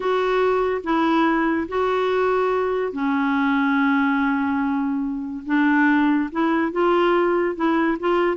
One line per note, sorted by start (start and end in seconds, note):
0.00 0.81 F#4
0.83 1.67 E4
1.68 2.92 F#4
2.92 5.44 C#4
5.46 6.30 D4
6.31 6.71 E4
6.71 7.55 F4
7.55 7.97 E4
7.99 8.37 F4